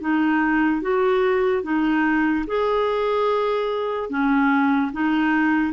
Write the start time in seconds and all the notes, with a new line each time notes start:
0.00 D#4
0.81 F#4
1.63 D#4
2.46 G#4
4.09 C#4
4.92 D#4